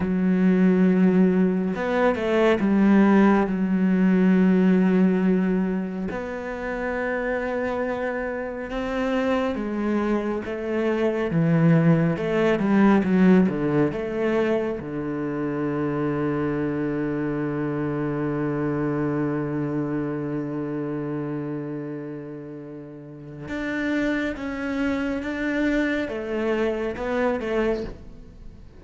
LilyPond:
\new Staff \with { instrumentName = "cello" } { \time 4/4 \tempo 4 = 69 fis2 b8 a8 g4 | fis2. b4~ | b2 c'4 gis4 | a4 e4 a8 g8 fis8 d8 |
a4 d2.~ | d1~ | d2. d'4 | cis'4 d'4 a4 b8 a8 | }